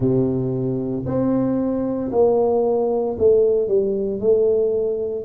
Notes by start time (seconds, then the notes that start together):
0.00 C3
1.05 C4
2.11 A#3
3.18 A3
3.68 G3
4.20 A3